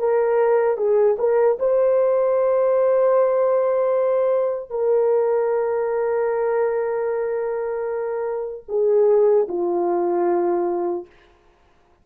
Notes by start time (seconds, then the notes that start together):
0.00 A#4
0.78 G#4
1.19 A#4
1.60 C5
4.70 A#4
8.69 G#4
9.49 F4